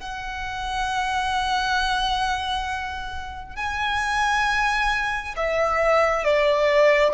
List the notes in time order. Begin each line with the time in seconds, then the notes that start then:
0.00 F#5
3.55 G#5
5.36 E5
6.24 D5